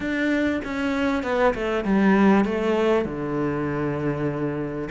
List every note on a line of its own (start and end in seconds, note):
0.00 0.61 D4
0.64 1.23 C#4
1.23 1.53 B3
1.54 1.84 A3
1.84 2.45 G3
2.45 3.05 A3
3.05 4.88 D3